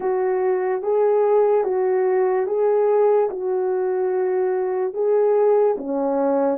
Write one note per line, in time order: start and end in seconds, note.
0.00 0.82 F#4
0.82 1.64 G#4
1.64 2.46 F#4
2.46 3.28 G#4
3.30 4.93 F#4
4.93 5.75 G#4
5.77 6.58 C#4